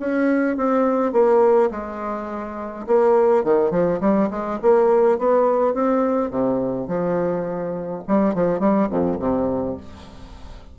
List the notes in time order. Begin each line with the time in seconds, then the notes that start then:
0.00 C#4
0.57 C4
1.12 A#3
1.71 G#3
2.87 A#3
3.44 D#3
3.71 F3
4.01 G3
4.31 G#3
4.63 A#3
5.19 B3
5.74 C4
6.31 C3
6.88 F3
8.08 G3
8.35 F3
8.60 G3
8.91 F2
9.20 C3